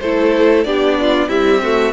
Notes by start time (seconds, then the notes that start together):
0.00 A3 E4 A4 C5
0.64 B3 D4 G4 D5
1.01 F4
1.28 G3 C4 E4 E5
1.63 A3 F#4